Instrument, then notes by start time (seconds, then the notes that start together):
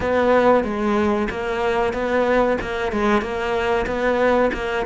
cello
0.00 B3
0.63 G#3
1.30 A#3
1.93 B3
2.61 A#3
2.91 G#3
3.21 A#3
3.86 B3
4.53 A#3